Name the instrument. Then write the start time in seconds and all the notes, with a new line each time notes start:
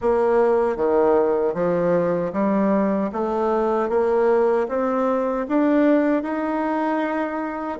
bassoon
0.01 A#3
0.76 D#3
1.54 F3
2.32 G3
3.12 A3
3.89 A#3
4.68 C4
5.48 D4
6.23 D#4